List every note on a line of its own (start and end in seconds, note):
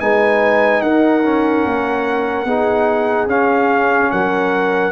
0.00 0.82 G#3
0.00 1.23 D#4
0.00 0.83 B4
0.00 0.81 G#5
0.81 1.64 D#4
0.81 2.47 A#4
0.81 3.28 F#5
1.23 2.46 C#4
1.65 2.45 A#3
2.45 3.27 B3
2.45 3.28 D#4
2.45 4.11 G#4
3.27 4.09 C#4
3.27 4.92 C#4
3.27 4.11 F5
4.11 4.92 F#3
4.11 4.92 A#4
4.11 4.92 F#5